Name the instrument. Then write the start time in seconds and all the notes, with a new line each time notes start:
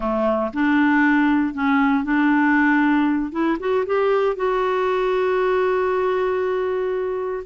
clarinet
0.00 A3
0.53 D4
1.54 C#4
2.03 D4
3.32 E4
3.59 F#4
3.86 G4
4.36 F#4